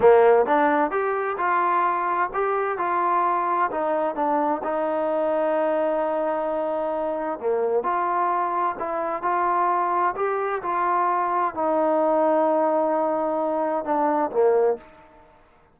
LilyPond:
\new Staff \with { instrumentName = "trombone" } { \time 4/4 \tempo 4 = 130 ais4 d'4 g'4 f'4~ | f'4 g'4 f'2 | dis'4 d'4 dis'2~ | dis'1 |
ais4 f'2 e'4 | f'2 g'4 f'4~ | f'4 dis'2.~ | dis'2 d'4 ais4 | }